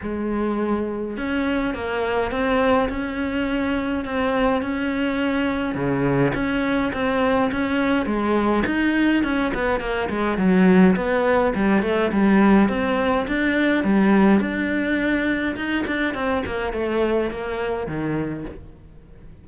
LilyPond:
\new Staff \with { instrumentName = "cello" } { \time 4/4 \tempo 4 = 104 gis2 cis'4 ais4 | c'4 cis'2 c'4 | cis'2 cis4 cis'4 | c'4 cis'4 gis4 dis'4 |
cis'8 b8 ais8 gis8 fis4 b4 | g8 a8 g4 c'4 d'4 | g4 d'2 dis'8 d'8 | c'8 ais8 a4 ais4 dis4 | }